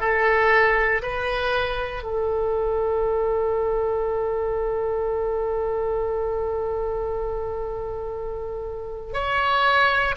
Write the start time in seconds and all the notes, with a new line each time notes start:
0.00 A4
1.02 B4
2.03 A4
9.13 C#5